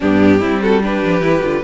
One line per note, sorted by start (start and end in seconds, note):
0.00 0.42 G2
0.00 0.40 B3
0.00 0.39 D4
0.00 0.62 G4
0.39 1.03 G3
0.39 0.81 C4
0.39 0.60 E4
0.61 0.82 F#4
0.61 0.82 A4
0.82 1.21 D4
0.82 1.63 G4
0.82 1.63 B4
1.03 1.20 F3
1.20 1.40 E3
1.20 1.41 E4
1.42 1.63 D3
1.42 1.63 F4